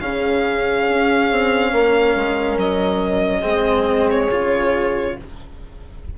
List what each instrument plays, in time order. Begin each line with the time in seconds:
0.00 bassoon C#3, cello C#4, horn G#4, violin F5
0.89 bassoon C#4
1.31 bassoon C4
1.72 bassoon A#3, horn A#4
2.15 bassoon G#3
2.57 bassoon F#3, violin D#5
3.41 bassoon G#3, cello C4, horn G#4
4.11 violin C#5
4.31 bassoon C#3, cello F4